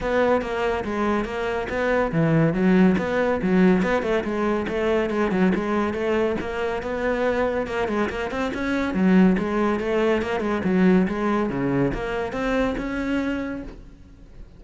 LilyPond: \new Staff \with { instrumentName = "cello" } { \time 4/4 \tempo 4 = 141 b4 ais4 gis4 ais4 | b4 e4 fis4 b4 | fis4 b8 a8 gis4 a4 | gis8 fis8 gis4 a4 ais4 |
b2 ais8 gis8 ais8 c'8 | cis'4 fis4 gis4 a4 | ais8 gis8 fis4 gis4 cis4 | ais4 c'4 cis'2 | }